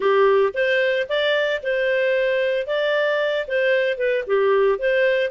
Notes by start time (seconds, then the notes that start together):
0.00 G4
0.54 C5
1.09 D5
1.62 C5
2.66 D5
3.47 C5
3.97 B4
4.26 G4
4.78 C5